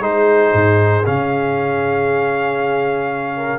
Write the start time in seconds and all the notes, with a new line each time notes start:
0.00 G#3 D#4 G#4 C5
0.54 G#2
1.06 C#3 C#4 F5
3.37 A#4